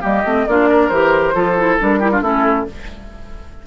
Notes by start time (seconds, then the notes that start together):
0.00 G3 A#3 G4 D#5
0.24 A3 C4
0.47 A#3 D4 F4 D5
0.69 A#4
0.88 E3 G4 C5
1.34 F3 F4 A4
1.57 E4
1.79 G3 D4 A#4
1.99 E4 G4
2.11 D4 F4
2.21 A3 C#4 E4 A4